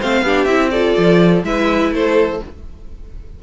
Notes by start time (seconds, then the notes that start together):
0.00 A3 C4 C5 F5
0.22 B3 D4 G4
0.45 C4 E4 E5
0.71 F4 A4 D5
0.98 F3
1.44 G#3 E4 B4 E5
1.92 A3 A4 C5